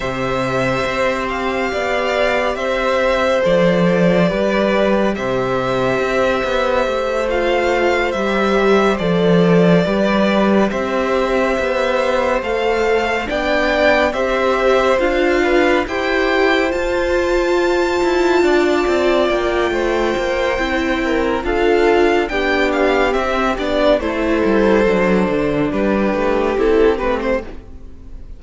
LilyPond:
<<
  \new Staff \with { instrumentName = "violin" } { \time 4/4 \tempo 4 = 70 e''4. f''4. e''4 | d''2 e''2~ | e''8 f''4 e''4 d''4.~ | d''8 e''2 f''4 g''8~ |
g''8 e''4 f''4 g''4 a''8~ | a''2~ a''8 g''4.~ | g''4 f''4 g''8 f''8 e''8 d''8 | c''2 b'4 a'8 b'16 c''16 | }
  \new Staff \with { instrumentName = "violin" } { \time 4/4 c''2 d''4 c''4~ | c''4 b'4 c''2~ | c''2.~ c''8 b'8~ | b'8 c''2. d''8~ |
d''8 c''4. b'8 c''4.~ | c''4. d''4. c''4~ | c''8 ais'8 a'4 g'2 | a'2 g'2 | }
  \new Staff \with { instrumentName = "viola" } { \time 4/4 g'1 | a'4 g'2.~ | g'8 f'4 g'4 a'4 g'8~ | g'2~ g'8 a'4 d'8~ |
d'8 g'4 f'4 g'4 f'8~ | f'1 | e'4 f'4 d'4 c'8 d'8 | e'4 d'2 e'8 c'8 | }
  \new Staff \with { instrumentName = "cello" } { \time 4/4 c4 c'4 b4 c'4 | f4 g4 c4 c'8 b8 | a4. g4 f4 g8~ | g8 c'4 b4 a4 b8~ |
b8 c'4 d'4 e'4 f'8~ | f'4 e'8 d'8 c'8 ais8 a8 ais8 | c'4 d'4 b4 c'8 b8 | a8 g8 fis8 d8 g8 a8 c'8 a8 | }
>>